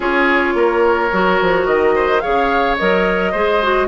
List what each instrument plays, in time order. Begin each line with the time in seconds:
0.00 bassoon C#4, clarinet F4, oboe G#4, flute C#5
0.54 bassoon A#3, oboe A#4
1.12 bassoon F#3, clarinet F#4
1.41 bassoon F3
1.65 bassoon D#3, flute D#5
1.95 oboe C5
2.20 clarinet G#4, oboe C#5, flute F5
2.26 bassoon C#3
2.77 bassoon F#3, clarinet A#4, flute D#5
3.31 bassoon G#3, clarinet G#4, oboe C5
3.62 clarinet F#4